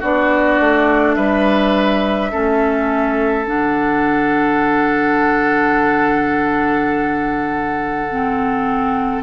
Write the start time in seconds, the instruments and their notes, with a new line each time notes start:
0.00 bassoon B3, clarinet D4, oboe F#4, flute D5
0.60 bassoon A3
1.15 bassoon G3, oboe B4, flute E5
2.31 bassoon A3, clarinet C#4, oboe A4
3.45 bassoon D3, clarinet D4, flute F#5
8.11 clarinet C4